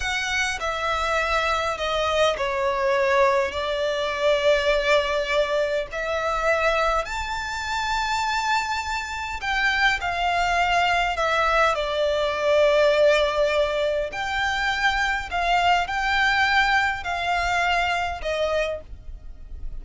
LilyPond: \new Staff \with { instrumentName = "violin" } { \time 4/4 \tempo 4 = 102 fis''4 e''2 dis''4 | cis''2 d''2~ | d''2 e''2 | a''1 |
g''4 f''2 e''4 | d''1 | g''2 f''4 g''4~ | g''4 f''2 dis''4 | }